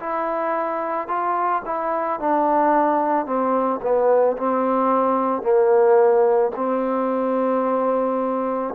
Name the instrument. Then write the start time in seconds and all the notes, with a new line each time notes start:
trombone
0.00 E4
1.08 F4
1.66 E4
2.20 D4
3.26 C4
3.82 B3
4.37 C4
5.42 A#3
6.56 C4